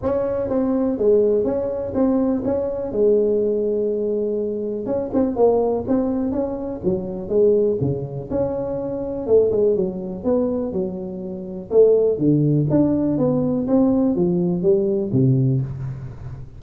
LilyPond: \new Staff \with { instrumentName = "tuba" } { \time 4/4 \tempo 4 = 123 cis'4 c'4 gis4 cis'4 | c'4 cis'4 gis2~ | gis2 cis'8 c'8 ais4 | c'4 cis'4 fis4 gis4 |
cis4 cis'2 a8 gis8 | fis4 b4 fis2 | a4 d4 d'4 b4 | c'4 f4 g4 c4 | }